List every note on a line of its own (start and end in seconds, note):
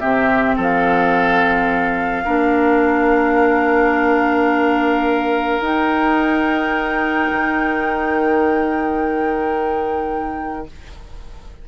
0.00 0.58 C3
0.00 2.25 C4
0.00 0.56 G4
0.00 0.56 E5
0.56 2.26 F3
0.56 2.24 A4
0.56 5.64 F5
2.25 5.61 A#3
2.25 5.61 D4
2.25 10.66 A#4
5.61 7.29 D#4
5.61 10.67 D#4
5.61 10.68 G5
7.31 10.68 D#3